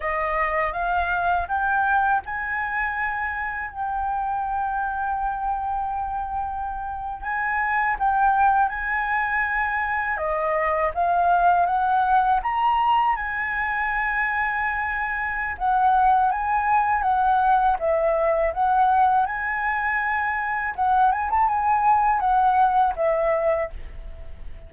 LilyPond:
\new Staff \with { instrumentName = "flute" } { \time 4/4 \tempo 4 = 81 dis''4 f''4 g''4 gis''4~ | gis''4 g''2.~ | g''4.~ g''16 gis''4 g''4 gis''16~ | gis''4.~ gis''16 dis''4 f''4 fis''16~ |
fis''8. ais''4 gis''2~ gis''16~ | gis''4 fis''4 gis''4 fis''4 | e''4 fis''4 gis''2 | fis''8 gis''16 a''16 gis''4 fis''4 e''4 | }